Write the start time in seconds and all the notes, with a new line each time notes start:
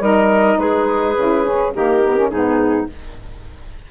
0.00 G3 D#4 A#4 D#5
0.59 G#3 G#4 B4
1.17 C#3 E4
1.45 C#4
1.74 D#3 A#3 G4 A#4
2.04 B3
2.17 C#4
2.30 G#2 B3 D#4 G#4